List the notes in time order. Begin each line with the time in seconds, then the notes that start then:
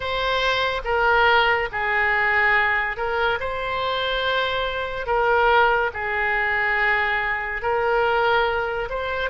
0.00 C5
0.84 A#4
1.72 G#4
2.96 A#4
3.40 C5
5.06 A#4
5.93 G#4
7.62 A#4
8.89 C5